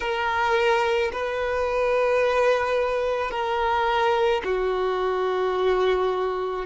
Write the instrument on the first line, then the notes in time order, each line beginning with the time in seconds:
violin
0.00 A#4
1.12 B4
3.30 A#4
4.44 F#4